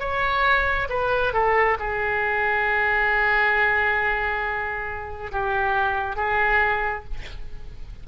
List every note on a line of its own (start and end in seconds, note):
0.00 0.88 C#5
0.90 1.34 B4
1.34 1.78 A4
1.79 5.32 G#4
5.32 6.16 G4
6.16 7.04 G#4